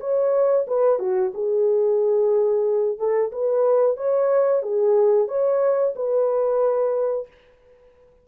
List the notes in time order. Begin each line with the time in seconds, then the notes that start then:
0.00 C#5
0.67 B4
0.99 F#4
1.34 G#4
2.98 A4
3.32 B4
3.97 C#5
4.62 G#4
5.28 C#5
5.96 B4